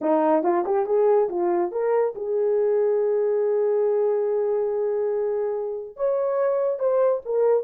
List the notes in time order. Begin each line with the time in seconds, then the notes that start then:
0.01 D#4
0.43 F4
0.65 G4
0.86 G#4
1.29 F4
1.71 A#4
2.15 G#4
5.96 C#5
6.79 C5
7.25 A#4